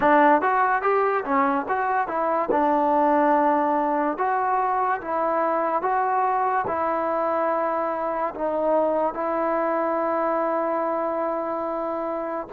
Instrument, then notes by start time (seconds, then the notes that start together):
trombone
0.00 D4
0.41 F#4
0.82 G4
1.24 C#4
1.68 F#4
2.07 E4
2.51 D4
4.17 F#4
5.01 E4
5.81 F#4
6.67 E4
8.34 D#4
9.14 E4